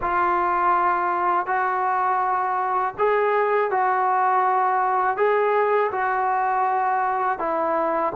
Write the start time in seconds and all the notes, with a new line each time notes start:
0.01 F4
1.46 F#4
2.98 G#4
3.70 F#4
5.16 G#4
5.91 F#4
7.38 E4